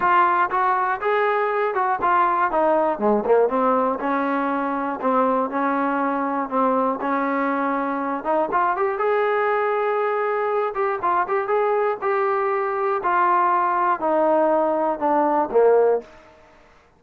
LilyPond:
\new Staff \with { instrumentName = "trombone" } { \time 4/4 \tempo 4 = 120 f'4 fis'4 gis'4. fis'8 | f'4 dis'4 gis8 ais8 c'4 | cis'2 c'4 cis'4~ | cis'4 c'4 cis'2~ |
cis'8 dis'8 f'8 g'8 gis'2~ | gis'4. g'8 f'8 g'8 gis'4 | g'2 f'2 | dis'2 d'4 ais4 | }